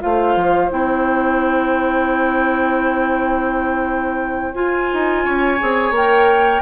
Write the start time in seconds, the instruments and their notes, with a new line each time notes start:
0.00 bassoon A3, clarinet F4, oboe C5, flute F5
0.35 bassoon F3
0.70 bassoon C4, clarinet E4, flute G5
4.54 clarinet F4, bassoon F4, flute G#5
4.93 bassoon D#4
5.24 bassoon C#4, oboe C#5
5.59 bassoon C4, clarinet G#4
5.91 bassoon A#3, clarinet A#4, flute G5